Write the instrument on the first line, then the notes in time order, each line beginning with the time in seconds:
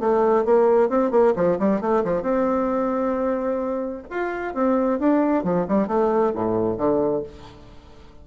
bassoon
0.00 A3
0.45 A#3
0.90 C4
1.12 A#3
1.36 F3
1.59 G3
1.81 A3
2.05 F3
2.23 C4
4.10 F4
4.55 C4
5.00 D4
5.44 F3
5.69 G3
5.88 A3
6.35 A2
6.78 D3